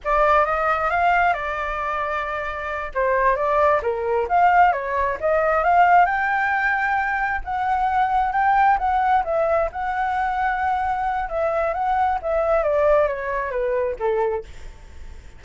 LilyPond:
\new Staff \with { instrumentName = "flute" } { \time 4/4 \tempo 4 = 133 d''4 dis''4 f''4 d''4~ | d''2~ d''8 c''4 d''8~ | d''8 ais'4 f''4 cis''4 dis''8~ | dis''8 f''4 g''2~ g''8~ |
g''8 fis''2 g''4 fis''8~ | fis''8 e''4 fis''2~ fis''8~ | fis''4 e''4 fis''4 e''4 | d''4 cis''4 b'4 a'4 | }